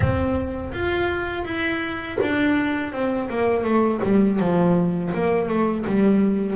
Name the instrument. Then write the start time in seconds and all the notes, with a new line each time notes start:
double bass
0.00 C4
0.73 F4
1.44 E4
2.21 D4
2.92 C4
3.29 A#3
3.64 A3
4.03 G3
4.39 F3
5.14 A#3
5.48 A3
5.86 G3